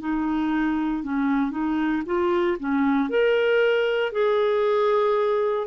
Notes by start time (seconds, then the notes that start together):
0.00 D#4
1.03 C#4
1.50 D#4
2.05 F4
2.59 C#4
3.09 A#4
4.12 G#4